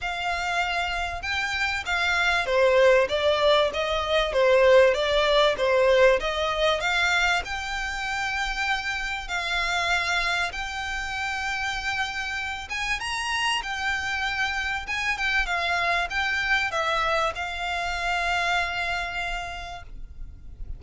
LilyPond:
\new Staff \with { instrumentName = "violin" } { \time 4/4 \tempo 4 = 97 f''2 g''4 f''4 | c''4 d''4 dis''4 c''4 | d''4 c''4 dis''4 f''4 | g''2. f''4~ |
f''4 g''2.~ | g''8 gis''8 ais''4 g''2 | gis''8 g''8 f''4 g''4 e''4 | f''1 | }